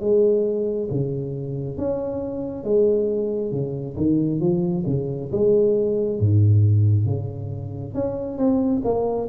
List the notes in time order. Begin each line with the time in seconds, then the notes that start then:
0.00 G#3
0.90 C#3
1.77 C#4
2.63 G#3
3.51 C#3
3.96 D#3
4.40 F3
4.86 C#3
5.31 G#3
6.19 G#2
7.05 C#3
7.94 C#4
8.37 C4
8.84 A#3